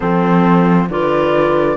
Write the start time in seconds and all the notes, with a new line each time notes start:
0.00 F3 C4 A4 C5
0.89 D3 F4 B4 D5